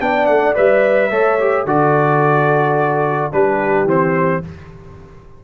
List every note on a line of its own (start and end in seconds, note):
0.00 0.28 B3
0.00 0.55 D4
0.00 1.10 D5
0.00 0.26 G5
0.26 0.56 A3
0.26 0.54 F#5
0.55 1.10 G3
0.55 1.10 B4
0.55 1.67 E5
1.10 1.65 A3
1.10 1.39 A4
1.10 1.66 C#5
1.39 1.66 G4
1.65 3.32 D3
1.65 3.31 F#4
1.65 3.32 A4
1.65 3.32 D5
3.31 3.84 G3
3.31 3.87 D4
3.31 4.44 G4
3.31 3.88 B4
3.84 4.40 E3
3.84 4.42 C4
3.84 4.44 C5